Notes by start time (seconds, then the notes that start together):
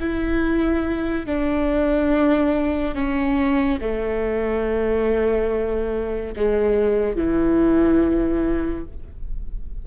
0.00 E4
1.26 D4
2.95 C#4
3.81 A3
6.36 G#3
7.16 E3